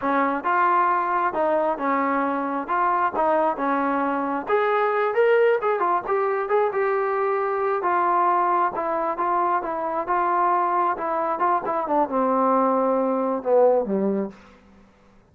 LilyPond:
\new Staff \with { instrumentName = "trombone" } { \time 4/4 \tempo 4 = 134 cis'4 f'2 dis'4 | cis'2 f'4 dis'4 | cis'2 gis'4. ais'8~ | ais'8 gis'8 f'8 g'4 gis'8 g'4~ |
g'4. f'2 e'8~ | e'8 f'4 e'4 f'4.~ | f'8 e'4 f'8 e'8 d'8 c'4~ | c'2 b4 g4 | }